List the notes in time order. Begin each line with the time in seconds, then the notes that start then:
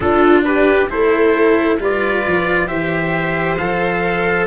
0.00 D4 F4 A4
0.44 G4 B4
0.89 A3 E4 A4 C5
1.79 G3 F4 B4 D5
2.26 F3
2.67 E3 G4 C5 E5
3.58 F3 A4 F5